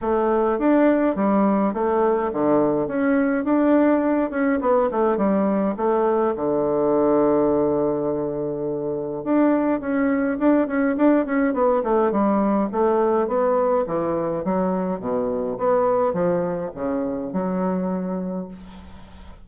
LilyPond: \new Staff \with { instrumentName = "bassoon" } { \time 4/4 \tempo 4 = 104 a4 d'4 g4 a4 | d4 cis'4 d'4. cis'8 | b8 a8 g4 a4 d4~ | d1 |
d'4 cis'4 d'8 cis'8 d'8 cis'8 | b8 a8 g4 a4 b4 | e4 fis4 b,4 b4 | f4 cis4 fis2 | }